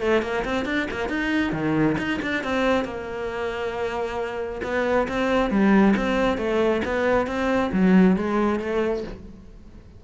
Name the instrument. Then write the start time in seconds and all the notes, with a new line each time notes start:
cello
0.00 A3
0.22 A#3
0.44 C4
0.65 D4
0.90 A#3
1.08 D#4
1.52 D#3
1.98 D#4
2.22 D4
2.43 C4
2.84 A#3
4.63 B3
5.08 C4
5.50 G3
5.96 C4
6.37 A3
6.85 B3
7.26 C4
7.72 F#3
8.16 G#3
8.59 A3